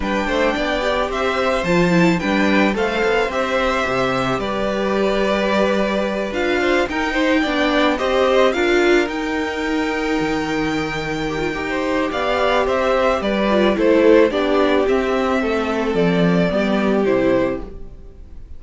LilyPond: <<
  \new Staff \with { instrumentName = "violin" } { \time 4/4 \tempo 4 = 109 g''2 e''4 a''4 | g''4 f''4 e''2 | d''2.~ d''8 f''8~ | f''8 g''2 dis''4 f''8~ |
f''8 g''2.~ g''8~ | g''2 f''4 e''4 | d''4 c''4 d''4 e''4~ | e''4 d''2 c''4 | }
  \new Staff \with { instrumentName = "violin" } { \time 4/4 b'8 c''8 d''4 c''2 | b'4 c''2. | b'1 | c''8 ais'8 c''8 d''4 c''4 ais'8~ |
ais'1~ | ais'4~ ais'16 c''8. d''4 c''4 | b'4 a'4 g'2 | a'2 g'2 | }
  \new Staff \with { instrumentName = "viola" } { \time 4/4 d'4. g'4. f'8 e'8 | d'4 a'4 g'2~ | g'2.~ g'8 f'8~ | f'8 dis'4 d'4 g'4 f'8~ |
f'8 dis'2.~ dis'8~ | dis'8 g'16 f'16 g'2.~ | g'8 f'8 e'4 d'4 c'4~ | c'2 b4 e'4 | }
  \new Staff \with { instrumentName = "cello" } { \time 4/4 g8 a8 b4 c'4 f4 | g4 a8 b8 c'4 c4 | g2.~ g8 d'8~ | d'8 dis'4 b4 c'4 d'8~ |
d'8 dis'2 dis4.~ | dis4 dis'4 b4 c'4 | g4 a4 b4 c'4 | a4 f4 g4 c4 | }
>>